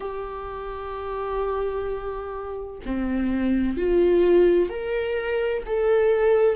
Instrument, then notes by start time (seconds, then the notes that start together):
viola
0.00 G4
2.86 C4
3.77 F4
4.69 A#4
5.65 A4